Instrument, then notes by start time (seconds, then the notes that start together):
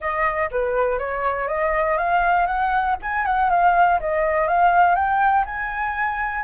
flute
0.00 D#5
0.51 B4
0.98 C#5
1.47 D#5
1.97 F5
2.46 F#5
3.02 G#5
3.25 F#5
3.50 F5
4.00 D#5
4.47 F5
4.95 G5
5.45 G#5